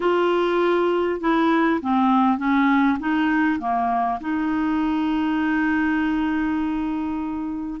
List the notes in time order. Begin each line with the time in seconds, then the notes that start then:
0.00 F4
1.20 E4
1.81 C4
2.38 C#4
2.99 D#4
3.59 A#3
4.20 D#4